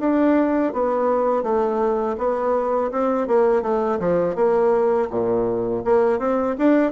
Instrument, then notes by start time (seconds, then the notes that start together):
bassoon
0.00 D4
0.73 B3
1.43 A3
2.18 B3
2.92 C4
3.28 A#3
3.63 A3
3.99 F3
4.36 A#3
5.10 A#2
5.85 A#3
6.19 C4
6.58 D4